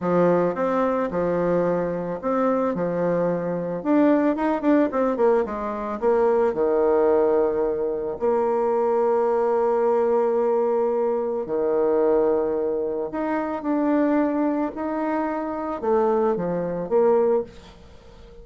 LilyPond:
\new Staff \with { instrumentName = "bassoon" } { \time 4/4 \tempo 4 = 110 f4 c'4 f2 | c'4 f2 d'4 | dis'8 d'8 c'8 ais8 gis4 ais4 | dis2. ais4~ |
ais1~ | ais4 dis2. | dis'4 d'2 dis'4~ | dis'4 a4 f4 ais4 | }